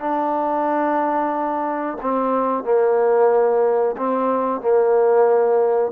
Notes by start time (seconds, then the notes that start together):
0.00 D4
2.02 C4
2.64 A#3
3.97 C4
4.61 A#3